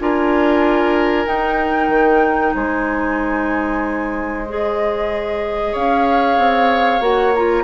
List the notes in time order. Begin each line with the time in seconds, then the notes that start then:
0.00 D4 F4 A#4 G#5
1.26 D#4 G5
1.89 D#3
2.54 G#3 C5 G#5
4.49 G#4 D#5
5.72 C#4 C#5 F5
6.38 C4
7.00 A#3 F#4 F#5
7.35 F4 A#5